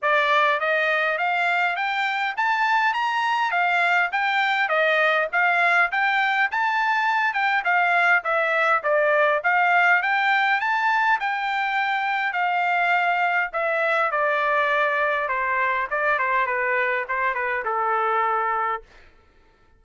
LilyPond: \new Staff \with { instrumentName = "trumpet" } { \time 4/4 \tempo 4 = 102 d''4 dis''4 f''4 g''4 | a''4 ais''4 f''4 g''4 | dis''4 f''4 g''4 a''4~ | a''8 g''8 f''4 e''4 d''4 |
f''4 g''4 a''4 g''4~ | g''4 f''2 e''4 | d''2 c''4 d''8 c''8 | b'4 c''8 b'8 a'2 | }